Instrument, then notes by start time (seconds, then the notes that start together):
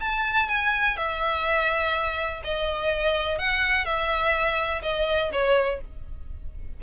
violin
0.00 A5
0.48 G#5
0.97 E5
2.44 D#5
3.39 F#5
3.85 E5
4.83 D#5
5.32 C#5